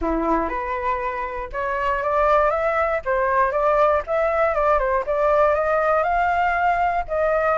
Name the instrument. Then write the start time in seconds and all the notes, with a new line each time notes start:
flute
0.01 E4
0.49 B4
1.52 C#5
2.02 D5
2.50 E5
3.05 C5
3.51 D5
4.06 E5
4.54 D5
4.78 C5
5.06 D5
5.54 D#5
6.03 F5
7.08 D#5